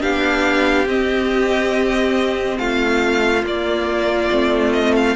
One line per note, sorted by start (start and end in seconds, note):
0.00 0.86 B3
0.00 0.86 D4
0.00 2.57 G4
0.00 0.87 F5
0.86 2.57 C4
0.86 3.44 C4
0.86 2.58 D#5
2.58 3.43 A3
2.58 5.16 F4
2.58 3.44 F5
3.43 4.29 A#3
3.43 4.31 A#3
3.43 4.72 D5
4.31 5.16 A3
4.31 5.16 C4
4.72 4.94 D#5
4.95 5.16 F5